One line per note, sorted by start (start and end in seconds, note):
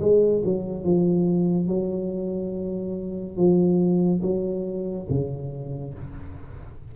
0.00 0.42 G#3
0.45 0.84 F#3
0.84 1.68 F3
1.68 3.37 F#3
3.37 4.21 F3
4.23 5.07 F#3
5.10 5.94 C#3